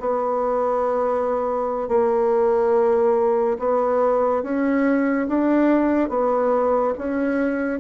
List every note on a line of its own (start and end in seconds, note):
0.00 1.89 B3
1.89 3.58 A#3
3.59 4.43 B3
4.43 5.27 C#4
5.28 6.09 D4
6.09 6.94 B3
6.98 7.80 C#4